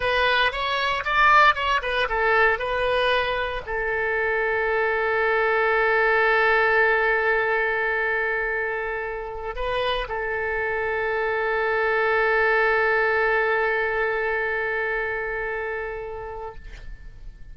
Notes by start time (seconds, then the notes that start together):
0.00 B4
0.52 C#5
1.04 D5
1.54 C#5
1.82 B4
2.09 A4
2.58 B4
3.66 A4
9.55 B4
10.08 A4